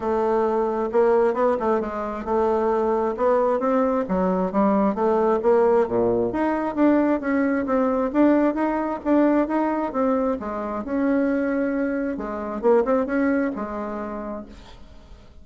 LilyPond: \new Staff \with { instrumentName = "bassoon" } { \time 4/4 \tempo 4 = 133 a2 ais4 b8 a8 | gis4 a2 b4 | c'4 fis4 g4 a4 | ais4 ais,4 dis'4 d'4 |
cis'4 c'4 d'4 dis'4 | d'4 dis'4 c'4 gis4 | cis'2. gis4 | ais8 c'8 cis'4 gis2 | }